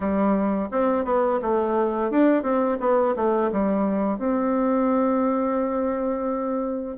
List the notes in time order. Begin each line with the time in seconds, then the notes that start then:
0.00 G3
0.71 C4
1.04 B3
1.41 A3
2.10 D4
2.43 C4
2.80 B3
3.16 A3
3.52 G3
4.18 C4